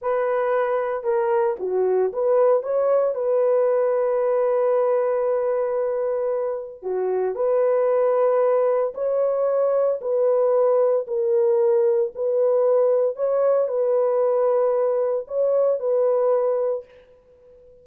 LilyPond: \new Staff \with { instrumentName = "horn" } { \time 4/4 \tempo 4 = 114 b'2 ais'4 fis'4 | b'4 cis''4 b'2~ | b'1~ | b'4 fis'4 b'2~ |
b'4 cis''2 b'4~ | b'4 ais'2 b'4~ | b'4 cis''4 b'2~ | b'4 cis''4 b'2 | }